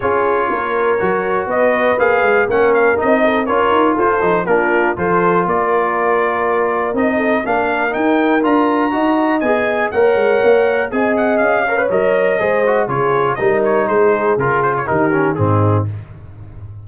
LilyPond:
<<
  \new Staff \with { instrumentName = "trumpet" } { \time 4/4 \tempo 4 = 121 cis''2. dis''4 | f''4 fis''8 f''8 dis''4 cis''4 | c''4 ais'4 c''4 d''4~ | d''2 dis''4 f''4 |
g''4 ais''2 gis''4 | fis''2 gis''8 fis''8 f''4 | dis''2 cis''4 dis''8 cis''8 | c''4 ais'8 c''16 cis''16 ais'4 gis'4 | }
  \new Staff \with { instrumentName = "horn" } { \time 4/4 gis'4 ais'2 b'4~ | b'4 ais'4. a'8 ais'4 | a'4 f'4 a'4 ais'4~ | ais'2~ ais'8 a'8 ais'4~ |
ais'2 dis''2 | cis''2 dis''4. cis''8~ | cis''4 c''4 gis'4 ais'4 | gis'2 g'4 dis'4 | }
  \new Staff \with { instrumentName = "trombone" } { \time 4/4 f'2 fis'2 | gis'4 cis'4 dis'4 f'4~ | f'8 dis'8 d'4 f'2~ | f'2 dis'4 d'4 |
dis'4 f'4 fis'4 gis'4 | ais'2 gis'4. ais'16 b'16 | ais'4 gis'8 fis'8 f'4 dis'4~ | dis'4 f'4 dis'8 cis'8 c'4 | }
  \new Staff \with { instrumentName = "tuba" } { \time 4/4 cis'4 ais4 fis4 b4 | ais8 gis8 ais4 c'4 cis'8 dis'8 | f'8 f8 ais4 f4 ais4~ | ais2 c'4 ais4 |
dis'4 d'4 dis'4 b4 | ais8 gis8 ais4 c'4 cis'4 | fis4 gis4 cis4 g4 | gis4 cis4 dis4 gis,4 | }
>>